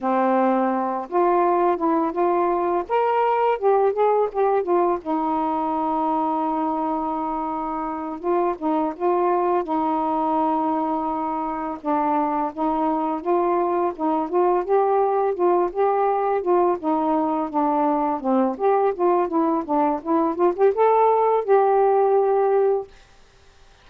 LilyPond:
\new Staff \with { instrumentName = "saxophone" } { \time 4/4 \tempo 4 = 84 c'4. f'4 e'8 f'4 | ais'4 g'8 gis'8 g'8 f'8 dis'4~ | dis'2.~ dis'8 f'8 | dis'8 f'4 dis'2~ dis'8~ |
dis'8 d'4 dis'4 f'4 dis'8 | f'8 g'4 f'8 g'4 f'8 dis'8~ | dis'8 d'4 c'8 g'8 f'8 e'8 d'8 | e'8 f'16 g'16 a'4 g'2 | }